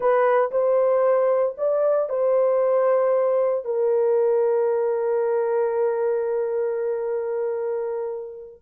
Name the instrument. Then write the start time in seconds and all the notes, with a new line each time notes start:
horn
0.00 B4
0.51 C5
1.57 D5
2.09 C5
3.64 A#4